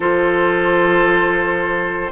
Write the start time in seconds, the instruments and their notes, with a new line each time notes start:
0.00 bassoon F3, clarinet F4, oboe A4, flute C5